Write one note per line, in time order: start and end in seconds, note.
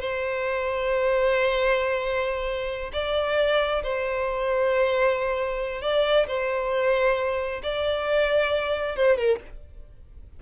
0.00 2.91 C5
2.93 3.82 D5
3.83 5.81 C5
5.81 6.26 D5
6.27 7.61 C5
7.62 8.96 D5
8.96 9.17 C5
9.17 9.39 A#4